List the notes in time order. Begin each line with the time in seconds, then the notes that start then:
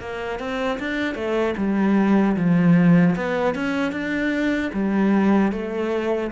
0.00 A#3
0.39 C4
0.79 D4
1.15 A3
1.57 G3
2.36 F3
3.16 B3
3.55 C#4
3.92 D4
4.73 G3
5.52 A3